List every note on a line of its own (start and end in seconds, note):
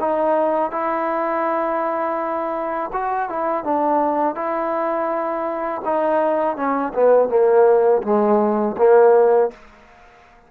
0.00 0.72 D#4
0.72 2.91 E4
2.93 3.29 F#4
3.29 3.64 E4
3.64 4.35 D4
4.35 5.82 E4
5.85 6.56 D#4
6.56 6.93 C#4
6.94 7.29 B3
7.29 8.02 A#3
8.03 8.76 G#3
8.77 9.51 A#3